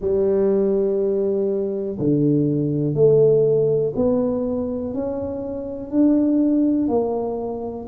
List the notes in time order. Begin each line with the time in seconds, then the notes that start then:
0.00 G3
1.99 D3
2.94 A3
3.95 B3
4.94 C#4
5.90 D4
6.88 A#3